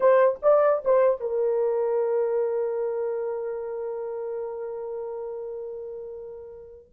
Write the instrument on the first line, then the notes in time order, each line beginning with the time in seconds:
horn
0.00 C5
0.42 D5
0.84 C5
1.20 A#4